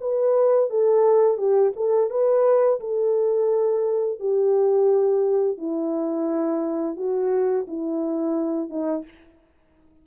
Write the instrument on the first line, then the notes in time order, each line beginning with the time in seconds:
horn
0.00 B4
0.70 A4
1.37 G4
1.76 A4
2.10 B4
2.80 A4
4.20 G4
5.58 E4
6.96 F#4
7.67 E4
8.69 D#4